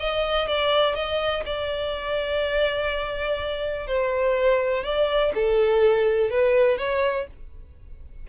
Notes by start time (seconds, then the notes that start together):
0.00 D#5
0.48 D5
0.95 D#5
1.46 D5
3.87 C5
4.84 D5
5.35 A4
6.30 B4
6.78 C#5